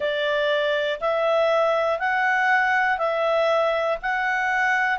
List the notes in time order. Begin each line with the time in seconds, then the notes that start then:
0.00 D5
1.00 E5
1.99 F#5
2.97 E5
4.02 F#5